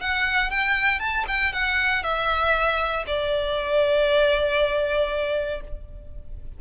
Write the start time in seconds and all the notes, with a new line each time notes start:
0.00 F#5
0.50 G5
0.99 A5
1.27 G5
1.53 F#5
2.03 E5
3.06 D5